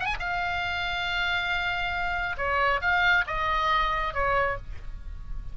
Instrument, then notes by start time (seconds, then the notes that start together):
oboe
0.00 F#5 G#5
0.20 F5
2.38 C#5
2.81 F5
3.27 D#5
4.14 C#5